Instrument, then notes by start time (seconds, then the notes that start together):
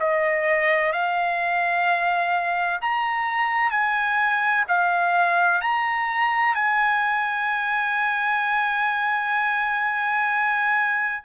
trumpet
0.00 D#5
0.93 F5
2.82 A#5
3.71 G#5
4.68 F5
5.62 A#5
6.55 G#5